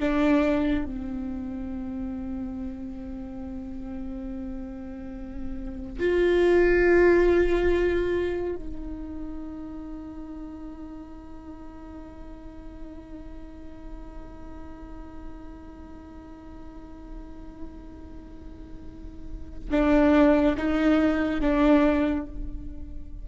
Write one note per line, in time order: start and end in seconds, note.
0.00 0.86 D4
0.86 6.00 C4
6.00 8.56 F4
8.56 19.71 D#4
19.71 20.56 D4
20.58 21.41 D#4
21.41 22.27 D4